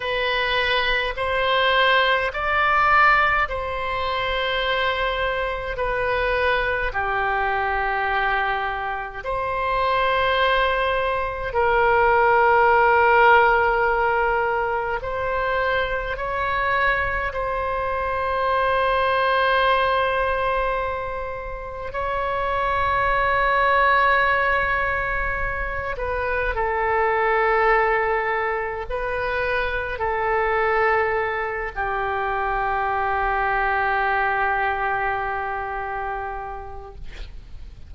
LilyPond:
\new Staff \with { instrumentName = "oboe" } { \time 4/4 \tempo 4 = 52 b'4 c''4 d''4 c''4~ | c''4 b'4 g'2 | c''2 ais'2~ | ais'4 c''4 cis''4 c''4~ |
c''2. cis''4~ | cis''2~ cis''8 b'8 a'4~ | a'4 b'4 a'4. g'8~ | g'1 | }